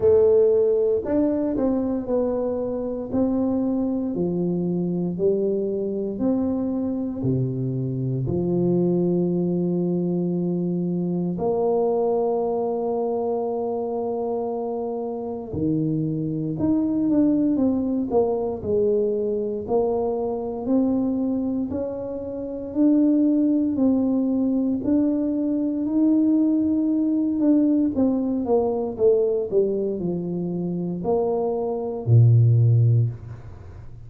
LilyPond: \new Staff \with { instrumentName = "tuba" } { \time 4/4 \tempo 4 = 58 a4 d'8 c'8 b4 c'4 | f4 g4 c'4 c4 | f2. ais4~ | ais2. dis4 |
dis'8 d'8 c'8 ais8 gis4 ais4 | c'4 cis'4 d'4 c'4 | d'4 dis'4. d'8 c'8 ais8 | a8 g8 f4 ais4 ais,4 | }